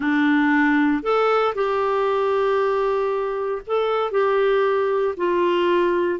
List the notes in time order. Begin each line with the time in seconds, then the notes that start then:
0.00 D4
1.02 A4
1.54 G4
3.67 A4
4.11 G4
5.17 F4